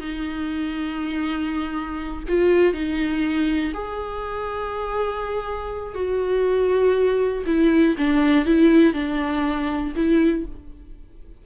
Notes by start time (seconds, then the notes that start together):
0.00 D#4
2.28 F4
2.73 D#4
3.73 G#4
5.94 F#4
7.46 E4
7.97 D4
8.45 E4
8.93 D4
9.96 E4